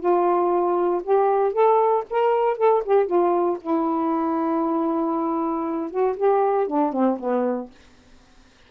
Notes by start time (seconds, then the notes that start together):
0.00 F4
1.04 G4
1.53 A4
2.10 A#4
2.58 A4
2.85 G4
3.07 F4
3.61 E4
5.91 F#4
6.17 G4
6.67 D4
6.93 C4
7.19 B3